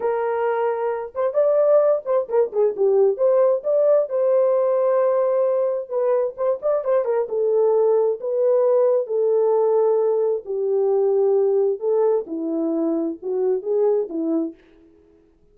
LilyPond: \new Staff \with { instrumentName = "horn" } { \time 4/4 \tempo 4 = 132 ais'2~ ais'8 c''8 d''4~ | d''8 c''8 ais'8 gis'8 g'4 c''4 | d''4 c''2.~ | c''4 b'4 c''8 d''8 c''8 ais'8 |
a'2 b'2 | a'2. g'4~ | g'2 a'4 e'4~ | e'4 fis'4 gis'4 e'4 | }